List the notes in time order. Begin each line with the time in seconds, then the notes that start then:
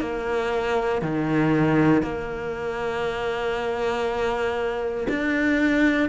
0.00 A#3
1.02 D#3
2.02 A#3
5.09 D4